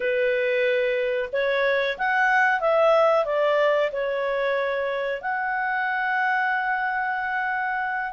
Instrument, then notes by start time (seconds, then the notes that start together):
clarinet
0.00 B4
1.32 C#5
1.97 F#5
2.60 E5
3.25 D5
3.91 C#5
5.21 F#5